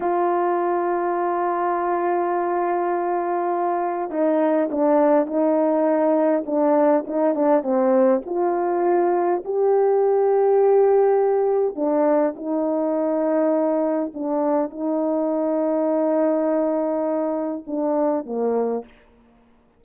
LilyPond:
\new Staff \with { instrumentName = "horn" } { \time 4/4 \tempo 4 = 102 f'1~ | f'2. dis'4 | d'4 dis'2 d'4 | dis'8 d'8 c'4 f'2 |
g'1 | d'4 dis'2. | d'4 dis'2.~ | dis'2 d'4 ais4 | }